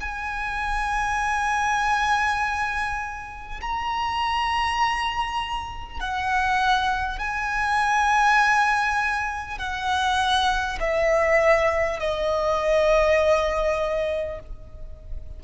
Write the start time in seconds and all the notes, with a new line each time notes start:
0.00 G#5
3.61 A#5
5.99 F#5
7.18 G#5
9.58 F#5
10.79 E5
11.99 D#5